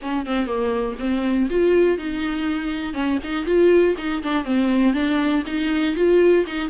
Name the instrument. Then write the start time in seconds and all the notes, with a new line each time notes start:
viola
0.01 C#4
0.26 C4
0.46 A#3
0.99 C4
1.50 F4
1.98 D#4
2.93 C#4
3.23 D#4
3.45 F4
3.97 D#4
4.23 D4
4.44 C4
4.93 D4
5.46 D#4
5.95 F4
6.46 D#4